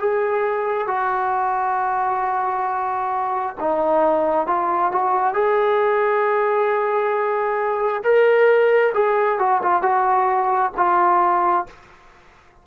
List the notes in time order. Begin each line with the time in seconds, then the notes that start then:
0.00 G#4
0.88 F#4
3.61 D#4
4.47 F4
4.92 F#4
5.34 G#4
8.04 A#4
8.94 G#4
9.39 F#4
9.63 F4
9.83 F#4
10.77 F4